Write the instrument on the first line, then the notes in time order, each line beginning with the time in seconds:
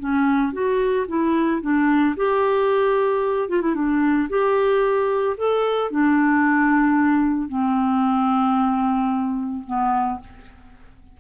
clarinet
0.00 C#4
0.53 F#4
1.09 E4
1.62 D4
2.17 G4
3.49 F4
3.62 E4
3.75 D4
4.30 G4
5.38 A4
5.91 D4
7.49 C4
9.67 B3